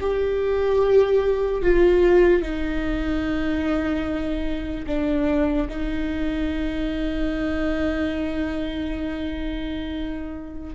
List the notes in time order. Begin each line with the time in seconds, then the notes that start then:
0.00 G4
1.62 F4
2.42 D#4
4.86 D4
5.69 D#4